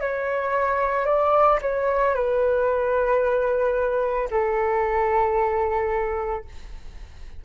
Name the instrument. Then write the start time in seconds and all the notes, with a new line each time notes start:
flute
0.00 C#5
1.05 D5
1.62 C#5
2.14 B4
4.31 A4